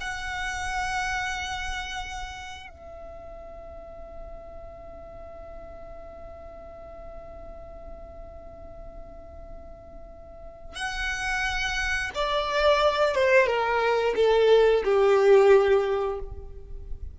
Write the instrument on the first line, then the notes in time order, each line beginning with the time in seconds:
violin
0.00 F#5
2.69 E5
10.75 F#5
12.14 D5
13.14 C5
13.46 A#4
14.15 A4
14.84 G4